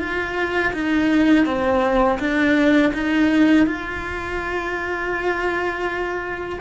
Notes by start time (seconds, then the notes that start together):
0.00 F4
0.74 D#4
1.46 C4
2.20 D4
2.94 D#4
3.67 F4